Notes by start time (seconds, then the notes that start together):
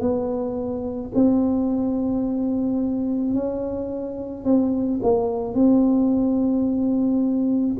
0.00 B3
1.15 C4
3.34 C#4
4.44 C4
5.03 A#3
5.54 C4